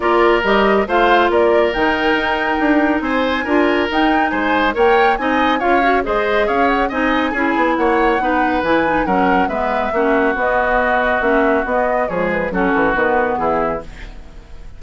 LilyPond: <<
  \new Staff \with { instrumentName = "flute" } { \time 4/4 \tempo 4 = 139 d''4 dis''4 f''4 d''4 | g''2. gis''4~ | gis''4 g''4 gis''4 g''4 | gis''4 f''4 dis''4 f''8 fis''8 |
gis''2 fis''2 | gis''4 fis''4 e''2 | dis''2 e''4 dis''4 | cis''8 b'8 a'4 b'4 gis'4 | }
  \new Staff \with { instrumentName = "oboe" } { \time 4/4 ais'2 c''4 ais'4~ | ais'2. c''4 | ais'2 c''4 cis''4 | dis''4 cis''4 c''4 cis''4 |
dis''4 gis'4 cis''4 b'4~ | b'4 ais'4 b'4 fis'4~ | fis'1 | gis'4 fis'2 e'4 | }
  \new Staff \with { instrumentName = "clarinet" } { \time 4/4 f'4 g'4 f'2 | dis'1 | f'4 dis'2 ais'4 | dis'4 f'8 fis'8 gis'2 |
dis'4 e'2 dis'4 | e'8 dis'8 cis'4 b4 cis'4 | b2 cis'4 b4 | gis4 cis'4 b2 | }
  \new Staff \with { instrumentName = "bassoon" } { \time 4/4 ais4 g4 a4 ais4 | dis4 dis'4 d'4 c'4 | d'4 dis'4 gis4 ais4 | c'4 cis'4 gis4 cis'4 |
c'4 cis'8 b8 ais4 b4 | e4 fis4 gis4 ais4 | b2 ais4 b4 | f4 fis8 e8 dis4 e4 | }
>>